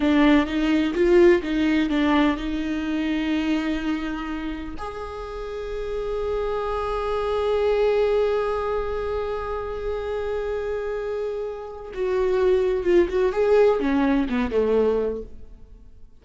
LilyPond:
\new Staff \with { instrumentName = "viola" } { \time 4/4 \tempo 4 = 126 d'4 dis'4 f'4 dis'4 | d'4 dis'2.~ | dis'2 gis'2~ | gis'1~ |
gis'1~ | gis'1~ | gis'4 fis'2 f'8 fis'8 | gis'4 cis'4 b8 a4. | }